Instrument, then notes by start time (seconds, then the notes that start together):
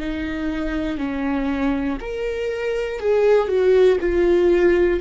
viola
0.00 D#4
0.98 C#4
2.00 A#4
3.00 G#4
3.48 F#4
4.00 F4